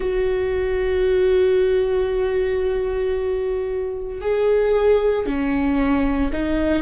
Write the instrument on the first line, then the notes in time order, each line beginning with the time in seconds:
viola
0.00 F#4
4.21 G#4
5.25 C#4
6.32 D#4